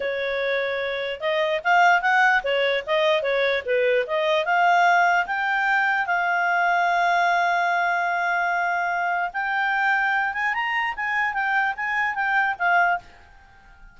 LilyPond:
\new Staff \with { instrumentName = "clarinet" } { \time 4/4 \tempo 4 = 148 cis''2. dis''4 | f''4 fis''4 cis''4 dis''4 | cis''4 b'4 dis''4 f''4~ | f''4 g''2 f''4~ |
f''1~ | f''2. g''4~ | g''4. gis''8 ais''4 gis''4 | g''4 gis''4 g''4 f''4 | }